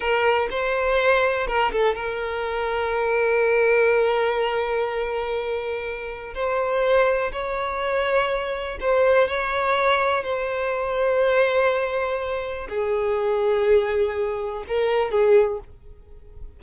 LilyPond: \new Staff \with { instrumentName = "violin" } { \time 4/4 \tempo 4 = 123 ais'4 c''2 ais'8 a'8 | ais'1~ | ais'1~ | ais'4 c''2 cis''4~ |
cis''2 c''4 cis''4~ | cis''4 c''2.~ | c''2 gis'2~ | gis'2 ais'4 gis'4 | }